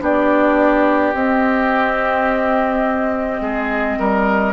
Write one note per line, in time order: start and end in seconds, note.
0.00 1.14 B3
0.00 1.13 D4
0.00 3.42 G4
0.00 1.13 D5
1.13 3.40 C4
1.13 4.53 C4
1.13 4.53 D#5
3.41 3.97 G#3
3.41 3.99 G#4
3.99 4.53 G3
3.99 4.53 A#4